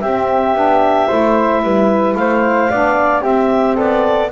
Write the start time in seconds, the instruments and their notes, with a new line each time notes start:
0.00 double bass C4, saxophone C4, flute G4, clarinet E5
0.55 double bass B3, saxophone D4
1.07 double bass A3, saxophone E4, flute C5
1.63 double bass G3, flute B4
2.15 double bass A3, flute C5, clarinet F5
2.70 double bass B3, saxophone D4, flute D5
3.21 saxophone C4, double bass C4, flute G4, clarinet E5
3.75 double bass B3, flute A4, clarinet D5